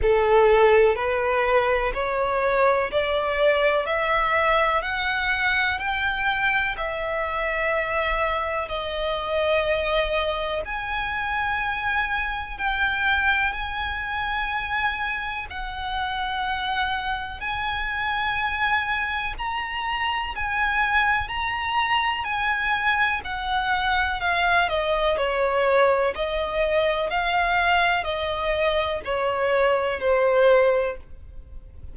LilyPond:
\new Staff \with { instrumentName = "violin" } { \time 4/4 \tempo 4 = 62 a'4 b'4 cis''4 d''4 | e''4 fis''4 g''4 e''4~ | e''4 dis''2 gis''4~ | gis''4 g''4 gis''2 |
fis''2 gis''2 | ais''4 gis''4 ais''4 gis''4 | fis''4 f''8 dis''8 cis''4 dis''4 | f''4 dis''4 cis''4 c''4 | }